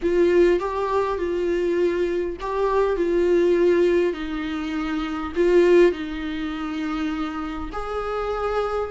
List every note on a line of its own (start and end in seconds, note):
0.02 0.59 F4
0.59 1.17 G4
1.17 2.36 F4
2.40 2.96 G4
2.96 4.13 F4
4.13 5.32 D#4
5.35 5.91 F4
5.91 7.70 D#4
7.72 8.90 G#4